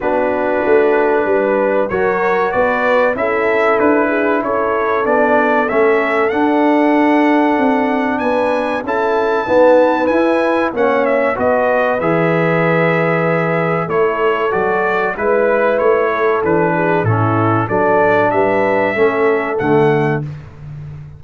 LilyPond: <<
  \new Staff \with { instrumentName = "trumpet" } { \time 4/4 \tempo 4 = 95 b'2. cis''4 | d''4 e''4 b'4 cis''4 | d''4 e''4 fis''2~ | fis''4 gis''4 a''2 |
gis''4 fis''8 e''8 dis''4 e''4~ | e''2 cis''4 d''4 | b'4 cis''4 b'4 a'4 | d''4 e''2 fis''4 | }
  \new Staff \with { instrumentName = "horn" } { \time 4/4 fis'2 b'4 ais'4 | b'4 a'4. gis'8 a'4~ | a'1~ | a'4 b'4 a'4 b'4~ |
b'4 cis''4 b'2~ | b'2 a'2 | b'4. a'4 gis'8 e'4 | a'4 b'4 a'2 | }
  \new Staff \with { instrumentName = "trombone" } { \time 4/4 d'2. fis'4~ | fis'4 e'2. | d'4 cis'4 d'2~ | d'2 e'4 b4 |
e'4 cis'4 fis'4 gis'4~ | gis'2 e'4 fis'4 | e'2 d'4 cis'4 | d'2 cis'4 a4 | }
  \new Staff \with { instrumentName = "tuba" } { \time 4/4 b4 a4 g4 fis4 | b4 cis'4 d'4 cis'4 | b4 a4 d'2 | c'4 b4 cis'4 dis'4 |
e'4 ais4 b4 e4~ | e2 a4 fis4 | gis4 a4 e4 a,4 | fis4 g4 a4 d4 | }
>>